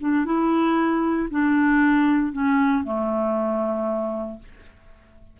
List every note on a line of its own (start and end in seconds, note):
0.00 0.25 D4
0.25 1.29 E4
1.30 2.33 D4
2.33 2.84 C#4
2.84 4.39 A3